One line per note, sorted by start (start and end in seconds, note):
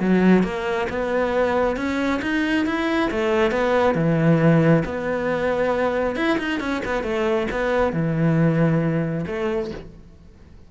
0.00 0.43 F#3
0.43 0.87 A#3
0.89 1.76 B3
1.76 2.21 C#4
2.22 2.66 D#4
2.66 3.10 E4
3.11 3.51 A3
3.51 3.95 B3
3.95 4.83 E3
4.85 6.16 B3
6.16 6.38 E4
6.39 6.60 D#4
6.60 6.82 C#4
6.85 7.03 B3
7.03 7.47 A3
7.51 7.93 B3
7.93 9.25 E3
9.27 9.71 A3